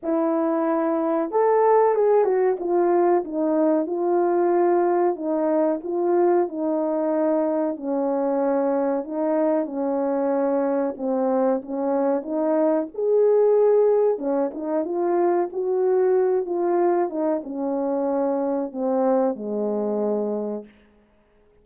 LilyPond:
\new Staff \with { instrumentName = "horn" } { \time 4/4 \tempo 4 = 93 e'2 a'4 gis'8 fis'8 | f'4 dis'4 f'2 | dis'4 f'4 dis'2 | cis'2 dis'4 cis'4~ |
cis'4 c'4 cis'4 dis'4 | gis'2 cis'8 dis'8 f'4 | fis'4. f'4 dis'8 cis'4~ | cis'4 c'4 gis2 | }